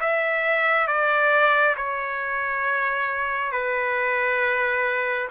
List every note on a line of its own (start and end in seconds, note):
0.00 0.87 E5
0.87 1.75 D5
1.76 3.52 C#5
3.52 5.28 B4